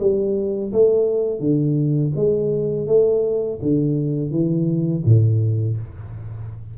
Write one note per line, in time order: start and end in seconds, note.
0.00 0.72 G3
0.73 1.40 A3
1.40 2.12 D3
2.16 2.87 G#3
2.87 3.59 A3
3.62 4.31 D3
4.31 5.03 E3
5.05 5.78 A2